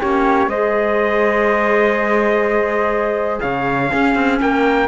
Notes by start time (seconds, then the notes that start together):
0.00 A#3 C#4 G4 C#5
0.46 G#3 G#4 C5 D#5
3.40 C#3 C#5 F5
3.90 C#4 G#4
4.15 C4
4.40 A#3 A#4 G5